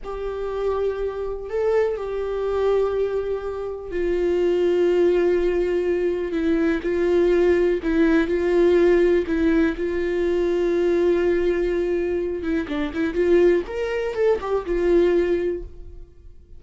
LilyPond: \new Staff \with { instrumentName = "viola" } { \time 4/4 \tempo 4 = 123 g'2. a'4 | g'1 | f'1~ | f'4 e'4 f'2 |
e'4 f'2 e'4 | f'1~ | f'4. e'8 d'8 e'8 f'4 | ais'4 a'8 g'8 f'2 | }